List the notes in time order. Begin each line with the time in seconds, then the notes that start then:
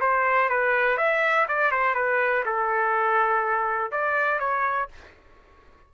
0.00 C5
0.49 B4
0.97 E5
1.48 D5
1.71 C5
1.94 B4
2.45 A4
3.91 D5
4.39 C#5